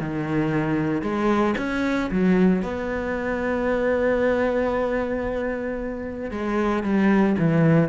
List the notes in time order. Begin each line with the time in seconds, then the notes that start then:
0.00 D#3
1.02 G#3
1.57 C#4
2.11 F#3
2.62 B3
6.31 G#3
6.83 G3
7.38 E3